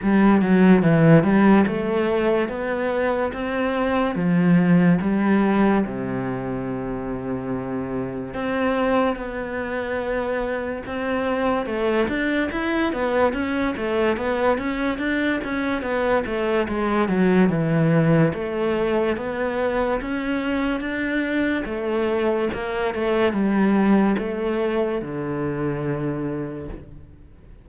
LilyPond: \new Staff \with { instrumentName = "cello" } { \time 4/4 \tempo 4 = 72 g8 fis8 e8 g8 a4 b4 | c'4 f4 g4 c4~ | c2 c'4 b4~ | b4 c'4 a8 d'8 e'8 b8 |
cis'8 a8 b8 cis'8 d'8 cis'8 b8 a8 | gis8 fis8 e4 a4 b4 | cis'4 d'4 a4 ais8 a8 | g4 a4 d2 | }